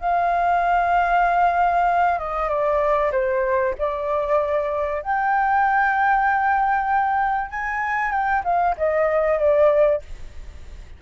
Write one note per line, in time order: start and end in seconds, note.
0.00 2.18 F5
2.18 2.49 D#5
2.49 3.11 D5
3.12 3.74 C5
3.78 5.02 D5
5.02 7.50 G5
7.50 8.11 G#5
8.11 8.42 G5
8.44 8.75 F5
8.77 9.39 D#5
9.39 10.01 D5